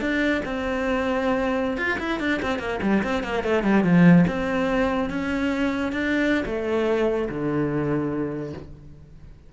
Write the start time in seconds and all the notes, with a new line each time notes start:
0.00 D4
0.45 C4
1.77 F4
1.98 E4
2.19 D4
2.42 C4
2.59 A#3
2.82 G3
3.03 C4
3.23 A#3
3.43 A3
3.63 G3
3.83 F3
4.27 C4
5.09 C#4
5.92 D4
6.46 A3
7.28 D3